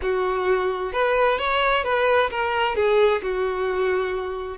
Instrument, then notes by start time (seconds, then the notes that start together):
violin
0.02 F#4
0.92 B4
1.38 C#5
1.84 B4
2.30 A#4
2.75 G#4
3.22 F#4